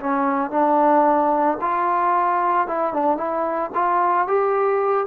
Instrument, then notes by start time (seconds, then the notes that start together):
trombone
0.00 C#4
0.51 D4
1.61 F4
2.68 E4
2.94 D4
3.18 E4
3.75 F4
4.28 G4